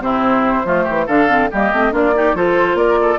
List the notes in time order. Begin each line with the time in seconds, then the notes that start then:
0.00 C3 C4 E4 C5
0.65 F3 A3 F4
0.84 E3 G4
1.07 D3 D4 A4 F5
1.28 C4
1.51 G3 A#3 G4 D#5
1.73 A3 C4
1.92 A#3 D4 F4 D5
2.15 D#4 G4
2.34 F3 F4 A4 C5
2.75 A#3 A#4 D5
3.02 A4